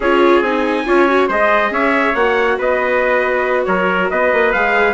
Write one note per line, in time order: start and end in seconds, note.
0.00 0.41 C#4
0.00 0.44 F4
0.00 0.85 G#4
0.00 0.43 C#5
0.41 0.84 C4
0.41 0.85 D#4
0.41 1.29 G#5
0.85 1.28 C#4
0.85 1.07 F4
0.85 1.28 C#5
1.07 1.29 F#4
1.28 1.70 G#3
1.28 2.16 G#4
1.28 1.71 C5
1.28 1.73 D#5
1.70 2.14 C#4
1.70 2.58 C#5
1.70 2.14 E5
2.14 2.58 A#3
2.14 4.54 F#4
2.14 2.57 F#5
2.58 3.66 B3
2.58 3.66 B4
2.58 3.65 D#5
3.65 4.10 F#3
3.65 4.10 A#4
3.65 4.08 C#5
4.10 4.32 B3
4.10 4.94 B4
4.10 4.52 D#5
4.32 4.54 A#3
4.52 4.94 G#3
4.52 4.94 G#4
4.52 4.94 F5